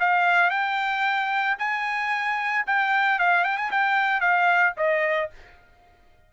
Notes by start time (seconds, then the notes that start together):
0.00 F5
0.50 G5
1.59 G#5
2.66 G5
3.19 F5
3.44 G5
3.57 G#5
3.71 G5
4.20 F5
4.77 D#5